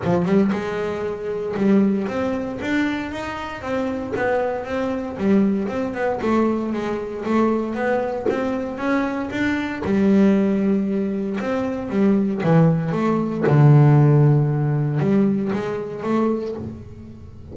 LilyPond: \new Staff \with { instrumentName = "double bass" } { \time 4/4 \tempo 4 = 116 f8 g8 gis2 g4 | c'4 d'4 dis'4 c'4 | b4 c'4 g4 c'8 b8 | a4 gis4 a4 b4 |
c'4 cis'4 d'4 g4~ | g2 c'4 g4 | e4 a4 d2~ | d4 g4 gis4 a4 | }